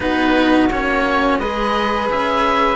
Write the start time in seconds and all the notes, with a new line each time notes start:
0.00 B3 D#4 F#4 B4
0.69 A#3 C#4 C#5
1.39 G#3 G#4 B4 D#5
2.10 C#4 E5